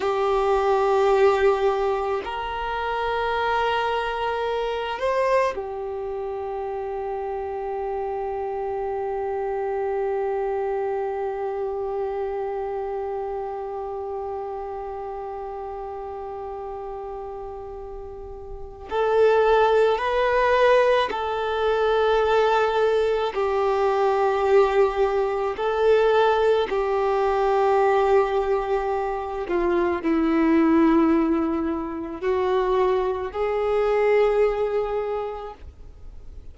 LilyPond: \new Staff \with { instrumentName = "violin" } { \time 4/4 \tempo 4 = 54 g'2 ais'2~ | ais'8 c''8 g'2.~ | g'1~ | g'1~ |
g'4 a'4 b'4 a'4~ | a'4 g'2 a'4 | g'2~ g'8 f'8 e'4~ | e'4 fis'4 gis'2 | }